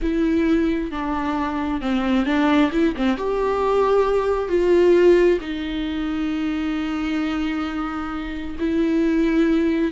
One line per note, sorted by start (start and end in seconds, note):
0.01 0.91 E4
0.91 1.81 D4
1.81 2.25 C4
2.25 2.70 D4
2.72 2.94 E4
2.96 3.17 C4
3.17 4.48 G4
4.48 5.38 F4
5.40 8.56 D#4
8.59 9.91 E4